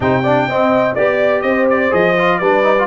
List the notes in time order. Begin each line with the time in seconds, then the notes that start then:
0.00 C3 D#4 C5 G5
0.22 D4 D5
0.48 C4 D#5
0.94 B3 G4 D5
1.41 C4 C5 D#5
1.70 D5
1.90 F3 G#4 D#5
2.18 F4
2.39 G3 D4 B4 D5
2.63 D#4
2.78 F4